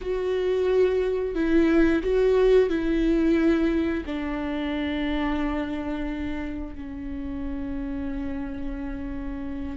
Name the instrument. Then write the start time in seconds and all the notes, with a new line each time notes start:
viola
0.01 F#4
1.35 E4
2.02 F#4
2.69 E4
4.05 D4
6.75 C#4